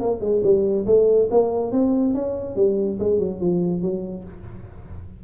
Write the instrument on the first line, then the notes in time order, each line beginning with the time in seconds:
tuba
0.00 A#3
0.21 G#3
0.43 G3
0.86 A3
1.30 A#3
1.72 C4
2.14 C#4
2.56 G3
2.99 G#3
3.19 F#3
3.40 F3
3.82 F#3